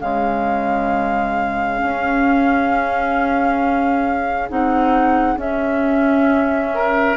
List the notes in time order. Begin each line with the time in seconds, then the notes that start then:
0.00 C#3 G#3 G#4 F5
1.79 C#4
4.49 C4 D#4 F#5
5.37 C#4 E5
6.74 A#4